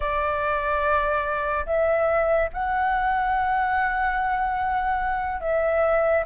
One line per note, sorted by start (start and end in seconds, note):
0.00 1.65 D5
1.66 2.49 E5
2.53 5.41 F#5
5.41 6.24 E5